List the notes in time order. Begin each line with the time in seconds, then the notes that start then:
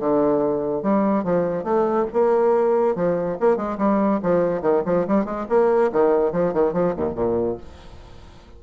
0.00 D3
0.83 G3
1.24 F3
1.64 A3
2.13 A#3
2.96 F3
3.41 A#3
3.57 G#3
3.78 G3
4.23 F3
4.62 D#3
4.86 F3
5.08 G3
5.25 G#3
5.49 A#3
5.93 D#3
6.33 F3
6.54 D#3
6.73 F3
6.96 D#2
7.15 A#2